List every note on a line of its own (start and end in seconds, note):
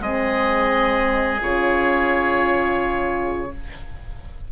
0.00 1.40 G#3
0.00 1.40 C4
0.00 3.52 G#4
0.00 1.41 D#5
1.41 3.51 C#3
1.41 3.50 F4
1.41 3.52 C#5